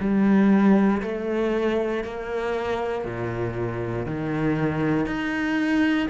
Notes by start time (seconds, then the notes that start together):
0.00 G3
1.02 A3
2.04 A#3
3.05 A#2
4.06 D#3
5.06 D#4